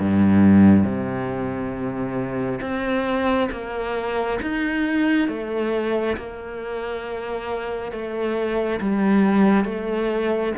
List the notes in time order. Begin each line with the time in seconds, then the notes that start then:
0.00 G2
0.83 C3
2.61 C4
3.51 A#3
4.42 D#4
5.28 A3
6.17 A#3
7.92 A3
8.80 G3
9.65 A3